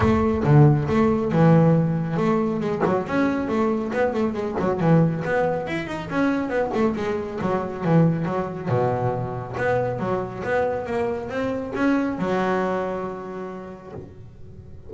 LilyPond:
\new Staff \with { instrumentName = "double bass" } { \time 4/4 \tempo 4 = 138 a4 d4 a4 e4~ | e4 a4 gis8 fis8 cis'4 | a4 b8 a8 gis8 fis8 e4 | b4 e'8 dis'8 cis'4 b8 a8 |
gis4 fis4 e4 fis4 | b,2 b4 fis4 | b4 ais4 c'4 cis'4 | fis1 | }